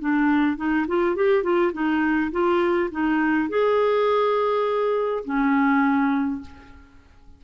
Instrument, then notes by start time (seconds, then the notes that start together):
clarinet
0.00 D4
0.57 D#4
0.88 F4
1.16 G4
1.43 F4
1.73 D#4
2.32 F4
2.92 D#4
3.50 G#4
5.25 C#4